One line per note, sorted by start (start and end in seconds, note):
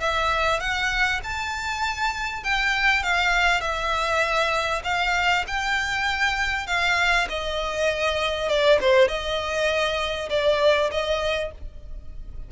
0.00 0.60 E5
0.60 1.20 F#5
1.23 2.43 A5
2.43 3.03 G5
3.03 3.61 F5
3.61 4.82 E5
4.84 5.44 F5
5.47 6.67 G5
6.67 7.27 F5
7.29 8.48 D#5
8.48 8.79 D5
8.81 9.08 C5
9.08 10.29 D#5
10.29 10.90 D5
10.91 11.52 D#5